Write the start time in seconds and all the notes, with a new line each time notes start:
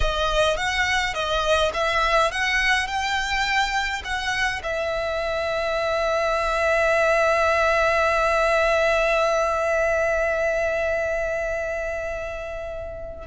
0.00 D#5
0.56 F#5
1.14 D#5
1.73 E5
2.31 F#5
2.87 G5
4.04 F#5
4.63 E5